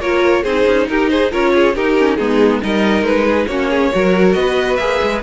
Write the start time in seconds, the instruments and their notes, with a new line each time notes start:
0.00 cello A#3, viola F4, violin A#4 C#5
0.43 cello C4, viola D#4, violin G#4 C5
0.67 cello C#4
0.88 cello D#4, violin G4 A#4
1.10 violin G#4 C5
1.31 cello C#4, viola F4, violin A#4 C#5
1.54 violin G#4
1.75 viola D#4, cello D#4, violin G4 A#4
1.98 viola C#4
2.16 cello G#3, viola B3, violin D#4 G#4
2.61 cello G3, viola D#4, violin A#4 D#5
3.02 cello G#3, violin B4
3.25 violin G#4
3.46 cello A#3, viola C#4, violin F#4 C#5
3.69 violin G#4
3.92 cello F#3, viola F#4, violin A#4
4.33 cello B3, violin B4 D#5
4.76 cello A#3, viola G#4, violin E5
5.02 cello G#3